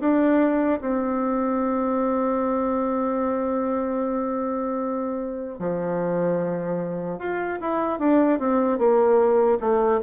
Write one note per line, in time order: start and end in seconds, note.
0.00 0.80 D4
0.81 5.59 C4
5.59 7.19 F3
7.19 7.59 F4
7.61 7.99 E4
7.99 8.39 D4
8.39 8.78 C4
8.78 9.58 A#3
9.60 10.00 A3